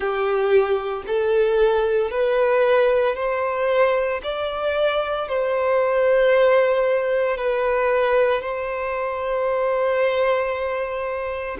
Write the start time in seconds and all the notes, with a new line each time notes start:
0.00 G4
1.06 A4
2.11 B4
3.15 C5
4.23 D5
5.28 C5
7.37 B4
8.41 C5